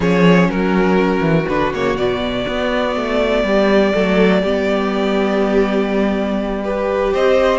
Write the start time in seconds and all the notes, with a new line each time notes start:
0.00 F3 C#4 G#4 C#5
0.48 F#3 F#4 A#4
1.20 E3
1.48 D3 D4 B4
1.74 C#3 A#3 C#5
1.96 B2 B3 D5
2.47 B3
2.96 A3
3.43 G3 G4
3.94 F#3 A3 A4
4.42 G3 B3 G4
6.64 G4 B4
7.13 C4 C5 D#5